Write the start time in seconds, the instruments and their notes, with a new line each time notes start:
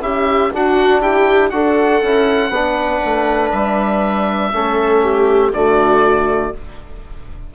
0.00 bassoon C#4, trombone E4, viola G4, oboe E5
0.53 trombone D4, bassoon D4, viola F#4, oboe F#5
1.01 bassoon E4, viola G4, oboe G5
1.50 bassoon D4, trombone F#4, viola A4, oboe F#5
2.02 bassoon C#4, trombone E4
2.49 bassoon B3, trombone D4, viola B4
3.05 bassoon A3
3.52 bassoon G3, oboe E5
4.53 bassoon A3, trombone C#4, viola A4
5.03 viola G4
5.51 bassoon D3, trombone A3, viola F#4, oboe D5